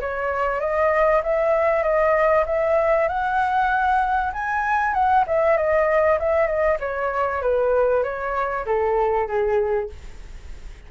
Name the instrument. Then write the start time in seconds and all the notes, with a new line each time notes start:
flute
0.00 C#5
0.60 D#5
1.23 E5
1.83 D#5
2.46 E5
3.08 F#5
4.33 G#5
4.94 F#5
5.27 E5
5.57 D#5
6.19 E5
6.47 D#5
6.80 C#5
7.41 B4
8.03 C#5
8.66 A4
9.27 G#4